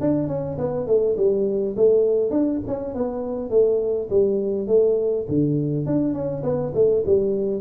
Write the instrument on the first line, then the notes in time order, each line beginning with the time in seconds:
tuba
0.00 D4
0.28 C#4
0.58 B3
0.87 A3
1.17 G3
1.76 A3
2.30 D4
2.67 C#4
2.94 B3
3.50 A3
4.10 G3
4.67 A3
5.28 D3
5.86 D4
6.13 C#4
6.43 B3
6.74 A3
7.06 G3